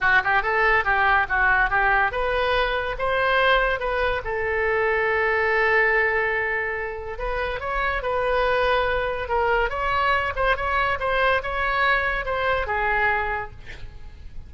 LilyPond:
\new Staff \with { instrumentName = "oboe" } { \time 4/4 \tempo 4 = 142 fis'8 g'8 a'4 g'4 fis'4 | g'4 b'2 c''4~ | c''4 b'4 a'2~ | a'1~ |
a'4 b'4 cis''4 b'4~ | b'2 ais'4 cis''4~ | cis''8 c''8 cis''4 c''4 cis''4~ | cis''4 c''4 gis'2 | }